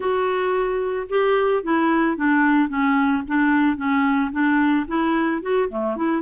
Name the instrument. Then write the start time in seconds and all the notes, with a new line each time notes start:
clarinet
0.00 F#4
1.09 G4
1.63 E4
2.16 D4
2.68 C#4
3.27 D4
3.76 C#4
4.31 D4
4.87 E4
5.42 F#4
5.69 A3
5.96 E4